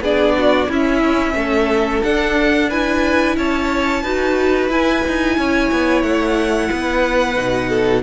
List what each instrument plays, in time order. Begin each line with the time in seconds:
0.00 cello B3, viola D4, violin G#4 D5
0.38 violin F#4
0.69 cello C#4, viola C#4, violin E4 E5
1.34 cello A3, violin A4
2.03 viola D4, cello D4, violin F#5
2.69 viola E4, violin B4 G#5
3.36 cello C#4, violin C#5 A5
4.02 cello D#4, viola F#4, violin B4
4.69 cello E4, viola E4, violin G#5
5.07 cello D#4
5.37 cello C#4, violin C#5
5.71 cello B3
6.02 cello A3, violin F#5
6.69 cello B3, violin B4
7.35 cello B2, viola D#4
7.69 violin A4